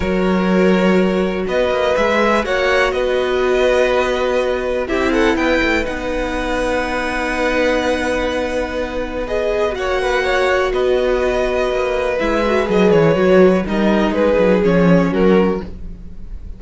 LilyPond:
<<
  \new Staff \with { instrumentName = "violin" } { \time 4/4 \tempo 4 = 123 cis''2. dis''4 | e''4 fis''4 dis''2~ | dis''2 e''8 fis''8 g''4 | fis''1~ |
fis''2. dis''4 | fis''2 dis''2~ | dis''4 e''4 dis''8 cis''4. | dis''4 b'4 cis''4 ais'4 | }
  \new Staff \with { instrumentName = "violin" } { \time 4/4 ais'2. b'4~ | b'4 cis''4 b'2~ | b'2 g'8 a'8 b'4~ | b'1~ |
b'1 | cis''8 b'8 cis''4 b'2~ | b'1 | ais'4 gis'2 fis'4 | }
  \new Staff \with { instrumentName = "viola" } { \time 4/4 fis'1 | gis'4 fis'2.~ | fis'2 e'2 | dis'1~ |
dis'2. gis'4 | fis'1~ | fis'4 e'8 fis'8 gis'4 fis'4 | dis'2 cis'2 | }
  \new Staff \with { instrumentName = "cello" } { \time 4/4 fis2. b8 ais8 | gis4 ais4 b2~ | b2 c'4 b8 a8 | b1~ |
b1 | ais2 b2 | ais4 gis4 fis8 e8 fis4 | g4 gis8 fis8 f4 fis4 | }
>>